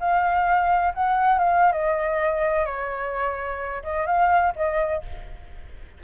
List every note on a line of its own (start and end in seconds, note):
0.00 0.94 F5
0.94 1.39 F#5
1.39 1.72 F5
1.72 2.66 D#5
2.66 3.83 C#5
3.83 4.07 D#5
4.07 4.53 F5
4.56 5.03 D#5